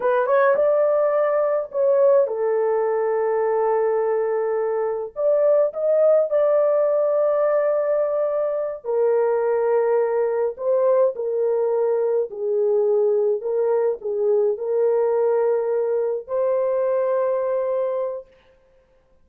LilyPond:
\new Staff \with { instrumentName = "horn" } { \time 4/4 \tempo 4 = 105 b'8 cis''8 d''2 cis''4 | a'1~ | a'4 d''4 dis''4 d''4~ | d''2.~ d''8 ais'8~ |
ais'2~ ais'8 c''4 ais'8~ | ais'4. gis'2 ais'8~ | ais'8 gis'4 ais'2~ ais'8~ | ais'8 c''2.~ c''8 | }